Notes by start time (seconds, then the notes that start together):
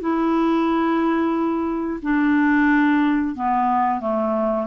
0.00 E4
2.02 D4
3.35 B3
4.00 A3